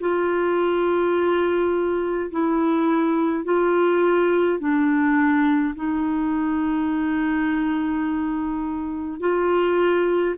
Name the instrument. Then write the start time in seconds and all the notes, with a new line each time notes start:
clarinet
0.00 F4
2.31 E4
3.44 F4
4.59 D4
5.75 D#4
9.20 F4